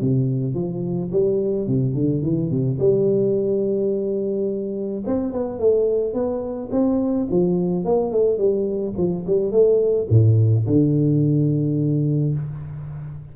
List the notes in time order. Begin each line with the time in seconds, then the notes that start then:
0.00 C3
0.54 F3
1.11 G3
1.67 C3
1.94 D3
2.22 E3
2.50 C3
2.79 G3
5.06 C4
5.32 B3
5.59 A3
6.13 B3
6.71 C4
7.30 F3
7.85 A#3
8.11 A3
8.38 G3
8.97 F3
9.26 G3
9.51 A3
10.09 A2
10.66 D3